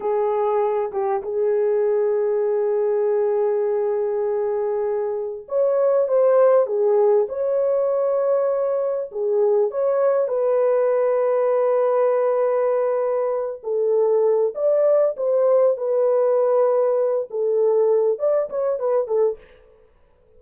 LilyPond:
\new Staff \with { instrumentName = "horn" } { \time 4/4 \tempo 4 = 99 gis'4. g'8 gis'2~ | gis'1~ | gis'4 cis''4 c''4 gis'4 | cis''2. gis'4 |
cis''4 b'2.~ | b'2~ b'8 a'4. | d''4 c''4 b'2~ | b'8 a'4. d''8 cis''8 b'8 a'8 | }